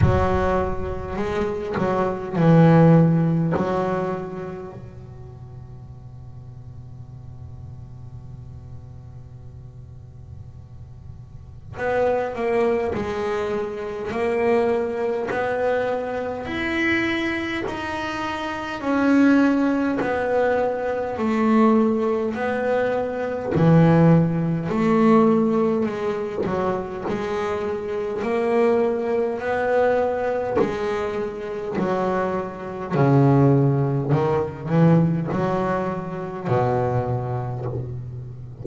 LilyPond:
\new Staff \with { instrumentName = "double bass" } { \time 4/4 \tempo 4 = 51 fis4 gis8 fis8 e4 fis4 | b,1~ | b,2 b8 ais8 gis4 | ais4 b4 e'4 dis'4 |
cis'4 b4 a4 b4 | e4 a4 gis8 fis8 gis4 | ais4 b4 gis4 fis4 | cis4 dis8 e8 fis4 b,4 | }